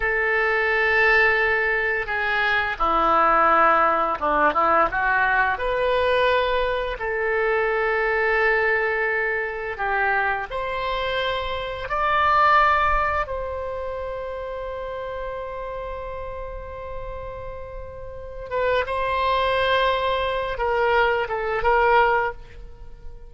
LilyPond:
\new Staff \with { instrumentName = "oboe" } { \time 4/4 \tempo 4 = 86 a'2. gis'4 | e'2 d'8 e'8 fis'4 | b'2 a'2~ | a'2 g'4 c''4~ |
c''4 d''2 c''4~ | c''1~ | c''2~ c''8 b'8 c''4~ | c''4. ais'4 a'8 ais'4 | }